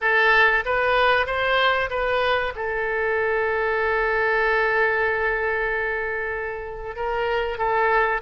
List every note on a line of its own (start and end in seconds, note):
0.01 0.64 A4
0.65 1.26 B4
1.26 1.89 C5
1.89 2.53 B4
2.55 6.96 A4
6.96 7.58 A#4
7.58 8.21 A4